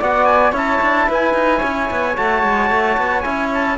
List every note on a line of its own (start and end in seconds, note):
0.00 0.52 B3
0.00 0.53 F#4
0.00 0.51 D5
0.00 0.25 F#5
0.25 0.52 G#5
0.51 0.79 C#4
0.51 2.15 E4
0.51 1.05 C#5
0.51 1.11 A5
0.81 1.08 D4
1.08 1.34 E4
1.08 1.58 B4
1.08 2.17 G#5
1.34 1.61 D#4
1.58 1.90 C#4
1.58 3.74 C#5
1.91 2.18 B3
2.16 2.43 A3
2.16 3.23 F#4
2.16 3.21 A5
2.43 2.70 G#3
2.70 2.97 A3
2.97 3.24 B3
3.21 3.78 C#4
3.21 3.77 E4
3.21 3.48 G#5
3.54 3.78 A5